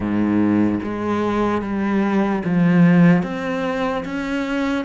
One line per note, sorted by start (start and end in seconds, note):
0.00 0.79 G#2
0.83 1.61 G#3
1.61 2.42 G3
2.44 3.22 F3
3.22 4.04 C4
4.05 4.84 C#4